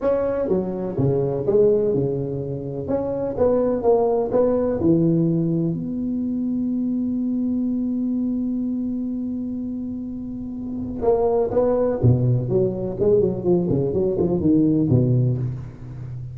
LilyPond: \new Staff \with { instrumentName = "tuba" } { \time 4/4 \tempo 4 = 125 cis'4 fis4 cis4 gis4 | cis2 cis'4 b4 | ais4 b4 e2 | b1~ |
b1~ | b2. ais4 | b4 b,4 fis4 gis8 fis8 | f8 cis8 fis8 f8 dis4 b,4 | }